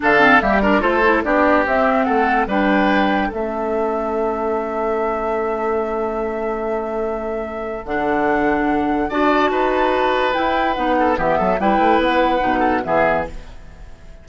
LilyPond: <<
  \new Staff \with { instrumentName = "flute" } { \time 4/4 \tempo 4 = 145 f''4 e''8 d''8 c''4 d''4 | e''4 fis''4 g''2 | e''1~ | e''1~ |
e''2. fis''4~ | fis''2 a''2~ | a''4 g''4 fis''4 e''4 | g''4 fis''2 e''4 | }
  \new Staff \with { instrumentName = "oboe" } { \time 4/4 a'4 g'8 ais'8 a'4 g'4~ | g'4 a'4 b'2 | a'1~ | a'1~ |
a'1~ | a'2 d''4 b'4~ | b'2~ b'8 a'8 g'8 a'8 | b'2~ b'8 a'8 gis'4 | }
  \new Staff \with { instrumentName = "clarinet" } { \time 4/4 d'8 c'8 ais8 d'8 f'8 e'8 d'4 | c'2 d'2 | cis'1~ | cis'1~ |
cis'2. d'4~ | d'2 fis'2~ | fis'4 e'4 dis'4 b4 | e'2 dis'4 b4 | }
  \new Staff \with { instrumentName = "bassoon" } { \time 4/4 d4 g4 a4 b4 | c'4 a4 g2 | a1~ | a1~ |
a2. d4~ | d2 d'4 dis'4~ | dis'4 e'4 b4 e8 fis8 | g8 a8 b4 b,4 e4 | }
>>